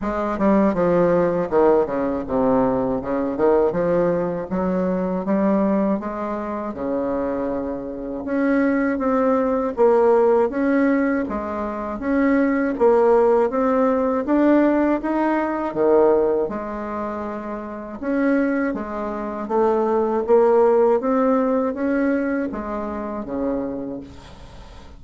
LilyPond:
\new Staff \with { instrumentName = "bassoon" } { \time 4/4 \tempo 4 = 80 gis8 g8 f4 dis8 cis8 c4 | cis8 dis8 f4 fis4 g4 | gis4 cis2 cis'4 | c'4 ais4 cis'4 gis4 |
cis'4 ais4 c'4 d'4 | dis'4 dis4 gis2 | cis'4 gis4 a4 ais4 | c'4 cis'4 gis4 cis4 | }